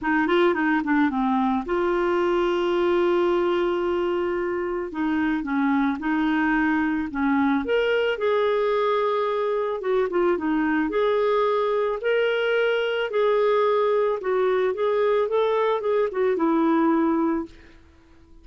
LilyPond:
\new Staff \with { instrumentName = "clarinet" } { \time 4/4 \tempo 4 = 110 dis'8 f'8 dis'8 d'8 c'4 f'4~ | f'1~ | f'4 dis'4 cis'4 dis'4~ | dis'4 cis'4 ais'4 gis'4~ |
gis'2 fis'8 f'8 dis'4 | gis'2 ais'2 | gis'2 fis'4 gis'4 | a'4 gis'8 fis'8 e'2 | }